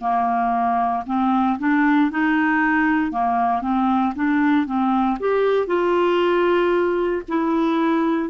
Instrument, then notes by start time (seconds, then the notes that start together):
clarinet
0.00 A#3
1.06 C4
1.59 D4
2.11 D#4
3.11 A#3
3.62 C4
4.15 D4
4.66 C4
5.20 G4
5.67 F4
7.28 E4